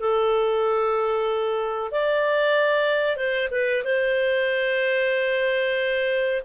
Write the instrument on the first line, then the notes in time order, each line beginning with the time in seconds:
clarinet
0.00 A4
1.92 D5
3.17 C5
3.51 B4
3.84 C5